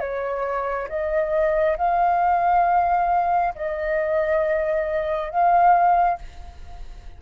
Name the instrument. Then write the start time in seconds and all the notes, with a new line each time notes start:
flute
0.00 C#5
0.89 D#5
1.78 F5
3.55 D#5
5.31 F5